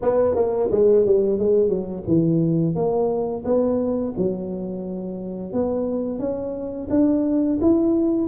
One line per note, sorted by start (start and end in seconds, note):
0.02 0.35 B3
0.35 0.69 A#3
0.71 1.05 G#3
1.05 1.38 G3
1.38 1.68 G#3
1.68 2.03 F#3
2.07 2.75 E3
2.75 3.44 A#3
3.45 4.13 B3
4.17 5.52 F#3
5.52 6.19 B3
6.19 6.88 C#4
6.90 7.59 D4
7.61 8.27 E4